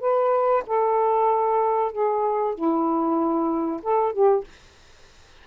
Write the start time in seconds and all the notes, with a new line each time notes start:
0.00 B4
0.66 A4
1.91 G#4
2.54 E4
3.82 A4
4.12 G4